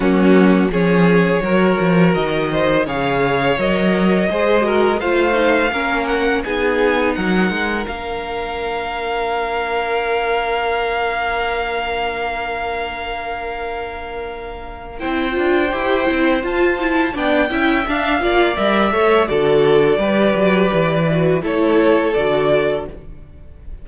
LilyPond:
<<
  \new Staff \with { instrumentName = "violin" } { \time 4/4 \tempo 4 = 84 fis'4 cis''2 dis''4 | f''4 dis''2 f''4~ | f''8 fis''8 gis''4 fis''4 f''4~ | f''1~ |
f''1~ | f''4 g''2 a''4 | g''4 f''4 e''4 d''4~ | d''2 cis''4 d''4 | }
  \new Staff \with { instrumentName = "violin" } { \time 4/4 cis'4 gis'4 ais'4. c''8 | cis''2 c''8 ais'8 c''4 | ais'4 gis'4 ais'2~ | ais'1~ |
ais'1~ | ais'4 c''2. | d''8 e''4 d''4 cis''8 a'4 | b'2 a'2 | }
  \new Staff \with { instrumentName = "viola" } { \time 4/4 ais4 cis'4 fis'2 | gis'4 ais'4 gis'8 fis'8 f'8 dis'8 | cis'4 dis'2 d'4~ | d'1~ |
d'1~ | d'4 e'8 f'8 g'8 e'8 f'8 e'8 | d'8 e'8 d'8 f'8 ais'8 a'8 fis'4 | g'4. fis'8 e'4 fis'4 | }
  \new Staff \with { instrumentName = "cello" } { \time 4/4 fis4 f4 fis8 f8 dis4 | cis4 fis4 gis4 a4 | ais4 b4 fis8 gis8 ais4~ | ais1~ |
ais1~ | ais4 c'8 d'8 e'8 c'8 f'4 | b8 cis'8 d'8 ais8 g8 a8 d4 | g8 fis8 e4 a4 d4 | }
>>